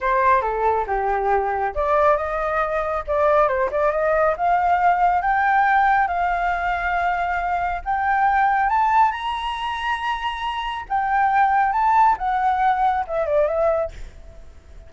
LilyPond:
\new Staff \with { instrumentName = "flute" } { \time 4/4 \tempo 4 = 138 c''4 a'4 g'2 | d''4 dis''2 d''4 | c''8 d''8 dis''4 f''2 | g''2 f''2~ |
f''2 g''2 | a''4 ais''2.~ | ais''4 g''2 a''4 | fis''2 e''8 d''8 e''4 | }